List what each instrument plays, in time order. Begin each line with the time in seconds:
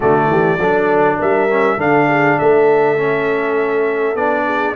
0.00 tuba D3, trombone A3, horn F#4, trumpet D5
0.27 tuba E3, horn G4
0.58 tuba F#3, trombone D4, horn A4
1.18 tuba G3, horn A#4, trumpet E5
1.50 trombone C#4
1.76 tuba D3, trombone D4, horn A4, trumpet F5
2.08 horn G#4
2.37 tuba A3, horn A4, trumpet E5
2.97 trombone C#4
4.15 tuba B3, trombone D4, trumpet D5
4.45 horn G#4